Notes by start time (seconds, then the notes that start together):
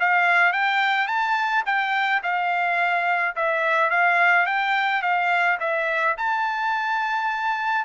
0.00 F5
0.53 G5
1.08 A5
1.66 G5
2.24 F5
3.36 E5
3.91 F5
4.47 G5
5.03 F5
5.60 E5
6.18 A5